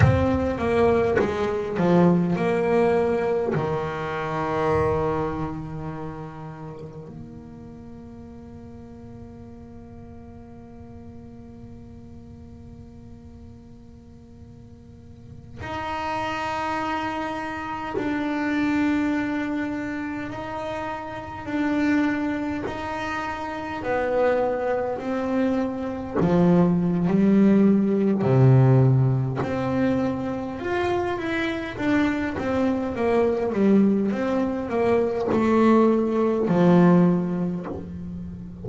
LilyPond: \new Staff \with { instrumentName = "double bass" } { \time 4/4 \tempo 4 = 51 c'8 ais8 gis8 f8 ais4 dis4~ | dis2 ais2~ | ais1~ | ais4~ ais16 dis'2 d'8.~ |
d'4~ d'16 dis'4 d'4 dis'8.~ | dis'16 b4 c'4 f8. g4 | c4 c'4 f'8 e'8 d'8 c'8 | ais8 g8 c'8 ais8 a4 f4 | }